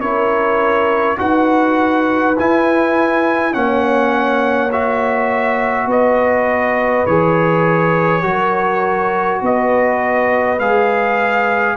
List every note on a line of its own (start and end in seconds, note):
0.00 1.18 C#4
0.00 1.17 E4
0.00 1.19 A#4
0.00 1.18 C#5
1.17 2.38 D#4
1.17 2.35 F#4
1.17 3.55 B4
1.17 2.37 F#5
2.38 3.55 E4
2.38 3.52 E4
2.38 3.53 G#5
3.52 5.86 A#3
3.52 4.70 C#4
3.52 5.88 C#5
3.52 4.71 F#5
4.72 7.07 F#4
4.72 5.90 E5
5.86 7.04 B3
5.86 8.23 B4
5.86 7.06 D#5
7.06 8.23 E3
7.06 8.23 G#4
7.06 9.41 C#5
8.23 9.41 F#3
8.23 10.58 F#4
8.23 9.42 A#4
9.42 10.59 B3
9.42 11.77 B4
9.42 10.59 D#5
10.59 11.76 G#3
10.59 11.77 G#4
10.59 11.77 F5